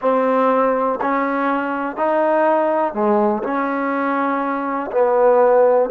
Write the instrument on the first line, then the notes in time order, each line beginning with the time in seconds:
trombone
0.01 C4
1.01 C#4
1.96 D#4
2.93 G#3
3.43 C#4
4.91 B3